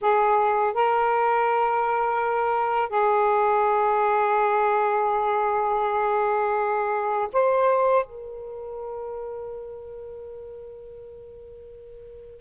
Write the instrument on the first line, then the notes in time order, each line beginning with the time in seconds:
saxophone
0.01 G#4
0.74 A#4
2.89 G#4
7.32 C5
8.05 A#4